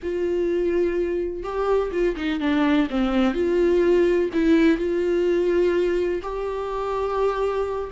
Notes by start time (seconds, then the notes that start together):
0.02 F4
1.43 G4
1.91 F4
2.16 D#4
2.40 D4
2.90 C4
3.34 F4
4.33 E4
4.77 F4
6.22 G4